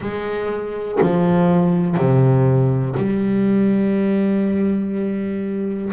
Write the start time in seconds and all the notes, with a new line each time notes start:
0.00 G#3
1.01 F3
1.96 C3
2.96 G3